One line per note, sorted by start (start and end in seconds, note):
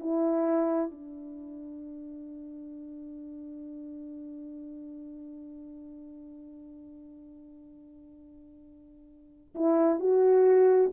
0.00 0.91 E4
0.91 9.55 D4
9.55 10.00 E4
10.00 10.91 F#4